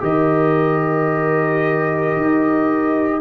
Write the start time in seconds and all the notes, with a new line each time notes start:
0.00 D#3 G4 A#4 D#5
2.17 D#4